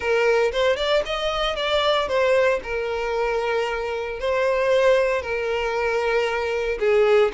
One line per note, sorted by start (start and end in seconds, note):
0.00 0.51 A#4
0.52 0.76 C5
0.76 1.02 D5
1.05 1.55 D#5
1.55 2.08 D5
2.08 2.60 C5
2.63 4.19 A#4
4.19 5.22 C5
5.22 6.78 A#4
6.79 7.31 G#4